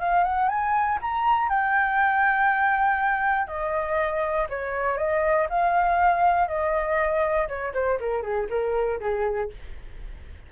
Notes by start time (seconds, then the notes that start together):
0.00 F5
0.24 F#5
0.49 G#5
1.02 A#5
1.50 G5
3.48 D#5
4.50 C#5
4.98 D#5
5.50 F5
6.48 D#5
7.48 C#5
7.74 C5
8.00 A#4
8.22 G#4
8.50 A#4
9.00 G#4